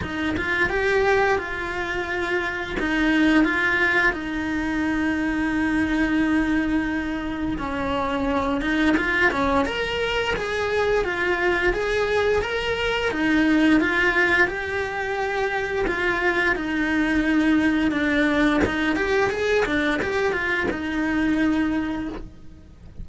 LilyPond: \new Staff \with { instrumentName = "cello" } { \time 4/4 \tempo 4 = 87 dis'8 f'8 g'4 f'2 | dis'4 f'4 dis'2~ | dis'2. cis'4~ | cis'8 dis'8 f'8 cis'8 ais'4 gis'4 |
f'4 gis'4 ais'4 dis'4 | f'4 g'2 f'4 | dis'2 d'4 dis'8 g'8 | gis'8 d'8 g'8 f'8 dis'2 | }